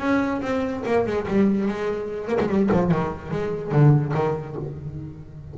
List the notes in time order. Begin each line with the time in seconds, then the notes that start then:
0.00 C#4
0.42 C4
0.86 A#3
1.07 G#3
1.28 G3
1.69 G#3
2.28 A#3
2.41 G#3
2.49 G3
2.72 F3
2.91 D#3
3.32 G#3
3.72 D3
4.14 D#3